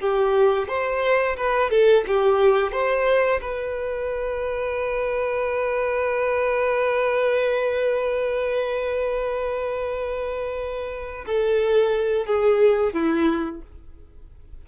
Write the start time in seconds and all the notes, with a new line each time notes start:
0.00 G4
0.68 C5
1.37 B4
1.70 A4
2.07 G4
2.72 C5
3.41 B4
11.26 A4
12.26 G#4
12.93 E4